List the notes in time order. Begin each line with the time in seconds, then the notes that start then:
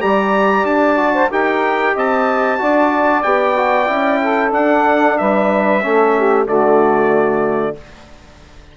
0.00 G3 G4 D5 A#5
0.64 D4 A5
0.97 F#4
1.14 C5
1.29 D#4 G4 A#4 G5
1.94 C4 D#5 A5
2.58 D4 F#4 D5
3.23 B3 G4 G5
3.56 F#4
3.87 C#4 E4
4.21 A4
4.51 D4 F#5
5.18 G3 B4 E5
5.83 A3 C#4 A4
6.17 G4
6.46 D3 A3 F#4 D5